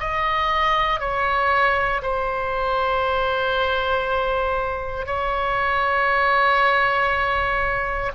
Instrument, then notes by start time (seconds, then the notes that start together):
oboe
0.00 D#5
1.00 C#5
2.02 C5
5.06 C#5